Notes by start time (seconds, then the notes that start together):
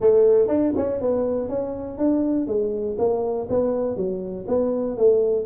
0.00 A3
0.48 D4
0.76 C#4
1.01 B3
1.48 C#4
1.98 D4
2.47 G#3
2.98 A#3
3.49 B3
3.96 F#3
4.47 B3
4.97 A3